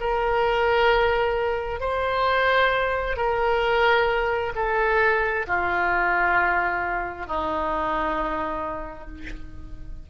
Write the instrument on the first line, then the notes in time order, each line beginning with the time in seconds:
oboe
0.00 A#4
1.80 C5
3.17 A#4
4.55 A4
5.47 F4
7.26 D#4